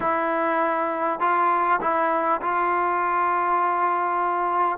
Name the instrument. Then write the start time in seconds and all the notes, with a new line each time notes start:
trombone
0.00 E4
1.20 F4
1.80 E4
2.41 F4